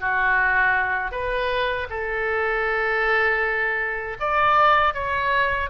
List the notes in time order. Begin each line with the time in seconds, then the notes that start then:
0.00 F#4
1.11 B4
1.90 A4
4.20 D5
4.94 C#5